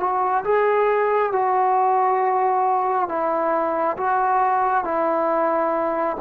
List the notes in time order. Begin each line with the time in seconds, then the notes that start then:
0.00 F#4
0.45 G#4
1.33 F#4
3.09 E4
3.97 F#4
4.85 E4